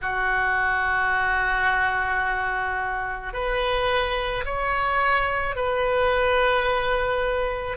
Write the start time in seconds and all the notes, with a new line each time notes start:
0.01 F#4
3.33 B4
4.44 C#5
5.56 B4